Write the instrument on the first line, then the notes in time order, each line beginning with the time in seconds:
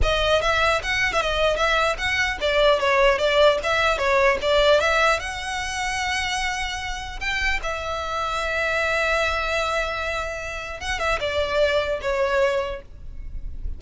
violin
0.02 D#5
0.41 E5
0.82 F#5
1.13 E5
1.21 D#5
1.56 E5
1.98 F#5
2.40 D5
2.79 C#5
3.18 D5
3.63 E5
3.98 C#5
4.41 D5
4.80 E5
5.19 F#5
7.20 G5
7.63 E5
10.80 F#5
10.99 E5
11.19 D5
12.01 C#5